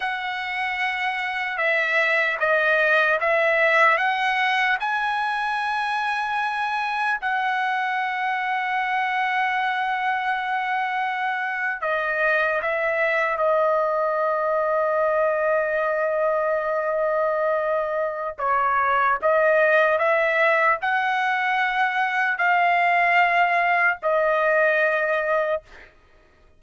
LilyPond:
\new Staff \with { instrumentName = "trumpet" } { \time 4/4 \tempo 4 = 75 fis''2 e''4 dis''4 | e''4 fis''4 gis''2~ | gis''4 fis''2.~ | fis''2~ fis''8. dis''4 e''16~ |
e''8. dis''2.~ dis''16~ | dis''2. cis''4 | dis''4 e''4 fis''2 | f''2 dis''2 | }